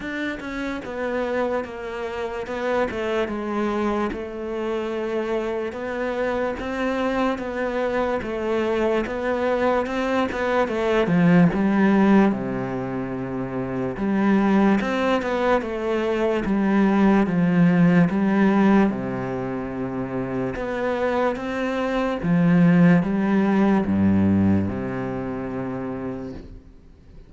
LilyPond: \new Staff \with { instrumentName = "cello" } { \time 4/4 \tempo 4 = 73 d'8 cis'8 b4 ais4 b8 a8 | gis4 a2 b4 | c'4 b4 a4 b4 | c'8 b8 a8 f8 g4 c4~ |
c4 g4 c'8 b8 a4 | g4 f4 g4 c4~ | c4 b4 c'4 f4 | g4 g,4 c2 | }